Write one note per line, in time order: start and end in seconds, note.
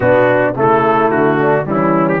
0.00 0.56 B2
0.00 0.54 B3
0.00 0.56 D4
0.00 0.55 F#4
0.56 1.10 C#3
0.56 1.64 A3
0.56 1.38 E4
0.56 1.10 A4
1.10 1.66 D3
1.10 1.66 F#4
1.38 1.65 D4
1.64 2.20 E3
1.64 2.20 G3
1.64 2.20 C#4
1.64 2.08 E4
2.08 2.20 G4